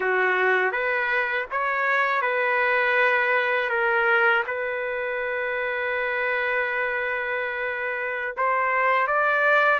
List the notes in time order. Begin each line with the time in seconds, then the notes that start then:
0.00 F#4
0.72 B4
1.51 C#5
2.21 B4
3.69 A#4
4.46 B4
8.37 C5
9.07 D5